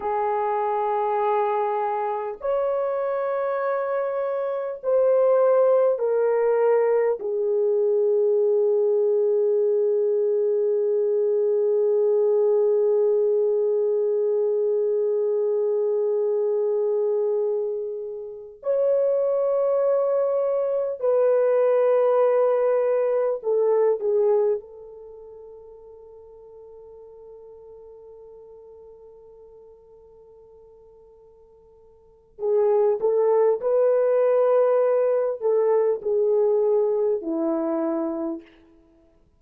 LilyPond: \new Staff \with { instrumentName = "horn" } { \time 4/4 \tempo 4 = 50 gis'2 cis''2 | c''4 ais'4 gis'2~ | gis'1~ | gis'2.~ gis'8 cis''8~ |
cis''4. b'2 a'8 | gis'8 a'2.~ a'8~ | a'2. gis'8 a'8 | b'4. a'8 gis'4 e'4 | }